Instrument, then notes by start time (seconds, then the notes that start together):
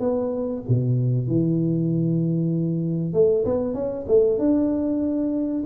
tuba
0.00 B3
0.68 B2
1.27 E3
3.13 A3
3.45 B3
3.74 C#4
4.08 A3
4.39 D4